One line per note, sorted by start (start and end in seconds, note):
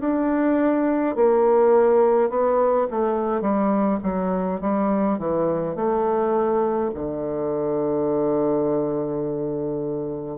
0.00 1.15 D4
1.15 2.30 A#3
2.30 2.87 B3
2.90 3.41 A3
3.41 3.99 G3
4.03 4.60 F#3
4.60 5.18 G3
5.18 5.75 E3
5.75 6.91 A3
6.94 10.38 D3